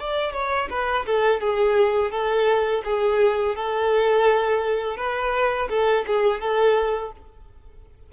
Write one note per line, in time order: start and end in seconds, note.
0.00 0.33 D5
0.33 0.69 C#5
0.70 1.06 B4
1.06 1.41 A4
1.41 2.12 G#4
2.12 2.83 A4
2.85 3.56 G#4
3.56 4.97 A4
4.97 5.69 B4
5.70 6.06 A4
6.07 6.41 G#4
6.41 7.13 A4